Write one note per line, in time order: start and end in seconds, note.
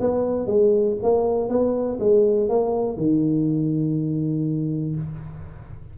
0.00 0.46 B3
0.46 0.96 G#3
1.03 1.49 A#3
1.49 1.98 B3
2.00 2.49 G#3
2.49 2.97 A#3
2.97 4.95 D#3